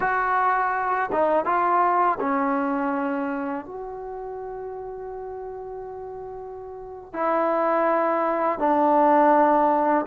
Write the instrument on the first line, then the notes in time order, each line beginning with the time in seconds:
trombone
0.00 F#4
1.12 D#4
1.45 F4
2.20 C#4
3.66 F#4
7.13 E4
8.59 D4